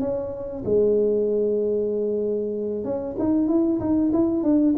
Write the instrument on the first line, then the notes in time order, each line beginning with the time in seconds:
tuba
0.00 C#4
0.65 G#3
2.84 C#4
3.19 D#4
3.48 E4
3.80 D#4
4.13 E4
4.43 D4